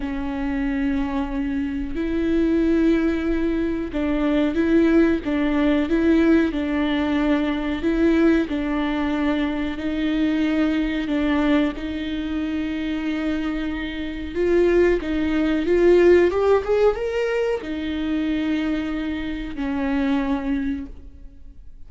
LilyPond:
\new Staff \with { instrumentName = "viola" } { \time 4/4 \tempo 4 = 92 cis'2. e'4~ | e'2 d'4 e'4 | d'4 e'4 d'2 | e'4 d'2 dis'4~ |
dis'4 d'4 dis'2~ | dis'2 f'4 dis'4 | f'4 g'8 gis'8 ais'4 dis'4~ | dis'2 cis'2 | }